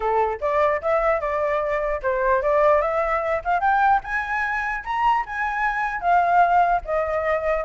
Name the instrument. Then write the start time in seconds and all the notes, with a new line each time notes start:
flute
0.00 A4
0.40 D5
0.81 E5
1.20 D5
2.02 C5
2.42 D5
2.81 E5
3.44 F5
3.60 G5
4.03 G#5
4.84 A#5
5.26 G#5
6.00 F5
6.85 D#5